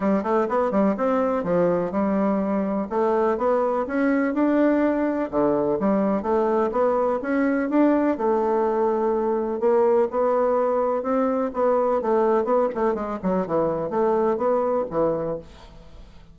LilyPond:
\new Staff \with { instrumentName = "bassoon" } { \time 4/4 \tempo 4 = 125 g8 a8 b8 g8 c'4 f4 | g2 a4 b4 | cis'4 d'2 d4 | g4 a4 b4 cis'4 |
d'4 a2. | ais4 b2 c'4 | b4 a4 b8 a8 gis8 fis8 | e4 a4 b4 e4 | }